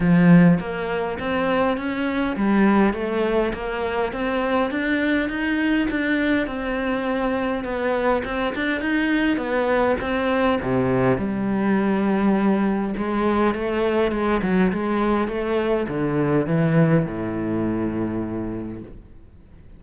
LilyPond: \new Staff \with { instrumentName = "cello" } { \time 4/4 \tempo 4 = 102 f4 ais4 c'4 cis'4 | g4 a4 ais4 c'4 | d'4 dis'4 d'4 c'4~ | c'4 b4 c'8 d'8 dis'4 |
b4 c'4 c4 g4~ | g2 gis4 a4 | gis8 fis8 gis4 a4 d4 | e4 a,2. | }